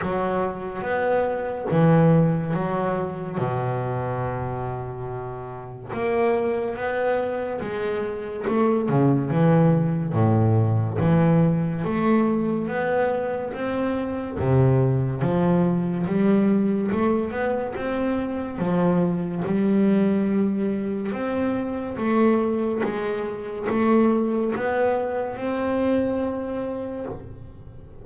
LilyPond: \new Staff \with { instrumentName = "double bass" } { \time 4/4 \tempo 4 = 71 fis4 b4 e4 fis4 | b,2. ais4 | b4 gis4 a8 cis8 e4 | a,4 e4 a4 b4 |
c'4 c4 f4 g4 | a8 b8 c'4 f4 g4~ | g4 c'4 a4 gis4 | a4 b4 c'2 | }